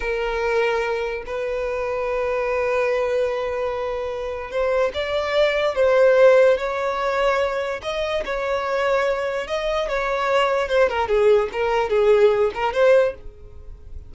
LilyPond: \new Staff \with { instrumentName = "violin" } { \time 4/4 \tempo 4 = 146 ais'2. b'4~ | b'1~ | b'2. c''4 | d''2 c''2 |
cis''2. dis''4 | cis''2. dis''4 | cis''2 c''8 ais'8 gis'4 | ais'4 gis'4. ais'8 c''4 | }